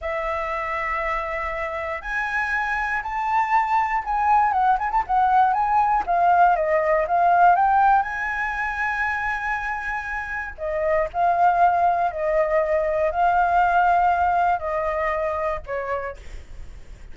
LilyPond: \new Staff \with { instrumentName = "flute" } { \time 4/4 \tempo 4 = 119 e''1 | gis''2 a''2 | gis''4 fis''8 gis''16 a''16 fis''4 gis''4 | f''4 dis''4 f''4 g''4 |
gis''1~ | gis''4 dis''4 f''2 | dis''2 f''2~ | f''4 dis''2 cis''4 | }